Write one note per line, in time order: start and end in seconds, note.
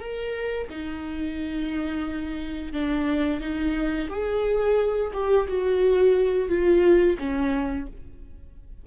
0.00 0.68 A#4
0.70 2.73 D#4
2.73 3.41 D4
3.41 4.09 D#4
4.10 5.12 G#4
5.14 5.48 G4
5.48 6.50 F#4
6.50 7.18 F4
7.19 7.87 C#4